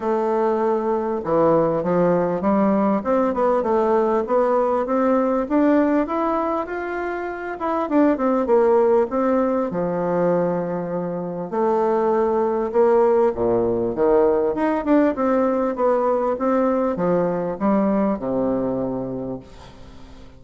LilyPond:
\new Staff \with { instrumentName = "bassoon" } { \time 4/4 \tempo 4 = 99 a2 e4 f4 | g4 c'8 b8 a4 b4 | c'4 d'4 e'4 f'4~ | f'8 e'8 d'8 c'8 ais4 c'4 |
f2. a4~ | a4 ais4 ais,4 dis4 | dis'8 d'8 c'4 b4 c'4 | f4 g4 c2 | }